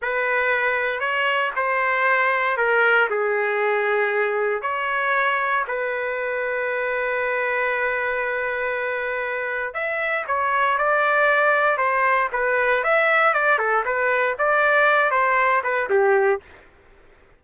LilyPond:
\new Staff \with { instrumentName = "trumpet" } { \time 4/4 \tempo 4 = 117 b'2 cis''4 c''4~ | c''4 ais'4 gis'2~ | gis'4 cis''2 b'4~ | b'1~ |
b'2. e''4 | cis''4 d''2 c''4 | b'4 e''4 d''8 a'8 b'4 | d''4. c''4 b'8 g'4 | }